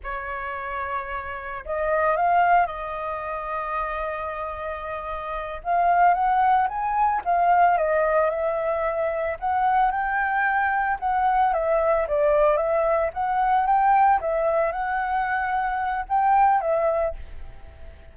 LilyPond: \new Staff \with { instrumentName = "flute" } { \time 4/4 \tempo 4 = 112 cis''2. dis''4 | f''4 dis''2.~ | dis''2~ dis''8 f''4 fis''8~ | fis''8 gis''4 f''4 dis''4 e''8~ |
e''4. fis''4 g''4.~ | g''8 fis''4 e''4 d''4 e''8~ | e''8 fis''4 g''4 e''4 fis''8~ | fis''2 g''4 e''4 | }